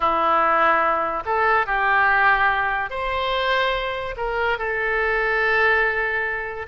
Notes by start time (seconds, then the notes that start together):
0.00 E4
1.25 A4
1.66 G4
2.90 C5
4.16 A#4
4.58 A4